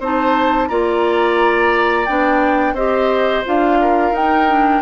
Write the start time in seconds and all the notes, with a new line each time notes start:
0.00 C4 D#4 C5 A5
0.68 A#3 F4 D5 A#5
2.06 B3 D4 G5
2.73 C4 G4 C5 D#5
3.45 D4 F4 F5
3.81 A#4
4.11 D#4 G5
4.48 D4